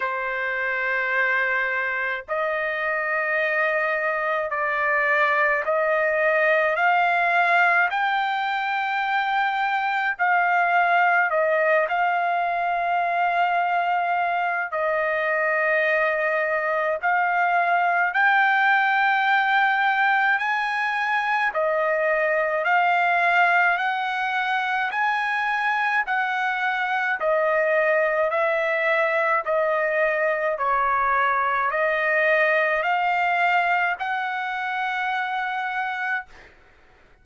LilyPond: \new Staff \with { instrumentName = "trumpet" } { \time 4/4 \tempo 4 = 53 c''2 dis''2 | d''4 dis''4 f''4 g''4~ | g''4 f''4 dis''8 f''4.~ | f''4 dis''2 f''4 |
g''2 gis''4 dis''4 | f''4 fis''4 gis''4 fis''4 | dis''4 e''4 dis''4 cis''4 | dis''4 f''4 fis''2 | }